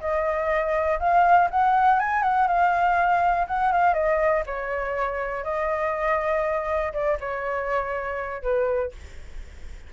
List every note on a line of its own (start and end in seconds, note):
0.00 0.99 D#5
0.99 1.49 F5
1.51 1.99 F#5
1.99 2.23 G#5
2.23 2.47 F#5
2.47 3.47 F5
3.48 3.72 F#5
3.72 3.94 F5
3.94 4.43 D#5
4.46 5.44 C#5
5.44 6.93 D#5
6.93 7.18 D5
7.20 8.42 C#5
8.42 8.92 B4